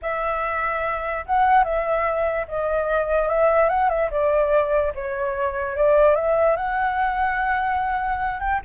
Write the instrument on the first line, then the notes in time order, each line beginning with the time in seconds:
flute
0.01 E5
1.26 F#5
1.64 E5
2.48 D#5
3.28 E5
3.69 F#5
3.89 E5
4.10 D5
4.94 C#5
5.76 D5
6.15 E5
6.56 F#5
8.40 G5